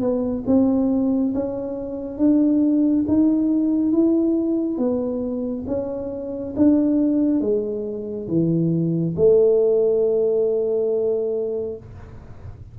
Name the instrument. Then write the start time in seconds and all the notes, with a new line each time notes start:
tuba
0.00 B3
0.46 C4
1.34 C#4
2.18 D4
3.08 D#4
3.92 E4
4.78 B3
5.67 C#4
6.56 D4
7.40 G#3
8.28 E3
9.16 A3